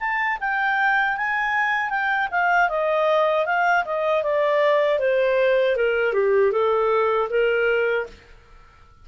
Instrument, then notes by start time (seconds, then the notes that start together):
clarinet
0.00 A5
0.41 G5
1.17 G#5
1.90 G5
2.31 F5
2.70 D#5
3.46 F5
3.86 D#5
4.23 D5
5.00 C5
5.77 A#4
6.14 G4
6.52 A4
7.30 A#4